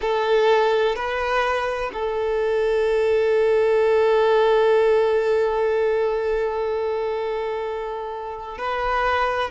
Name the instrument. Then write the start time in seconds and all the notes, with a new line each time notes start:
violin
0.01 A4
0.95 B4
1.93 A4
8.57 B4